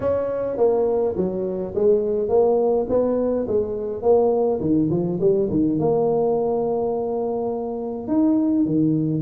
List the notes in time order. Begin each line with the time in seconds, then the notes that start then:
0.00 C#4
0.57 A#3
1.16 F#3
1.74 G#3
2.28 A#3
2.89 B3
3.47 G#3
4.02 A#3
4.60 D#3
4.90 F3
5.20 G3
5.50 D#3
5.79 A#3
8.07 D#4
8.65 D#3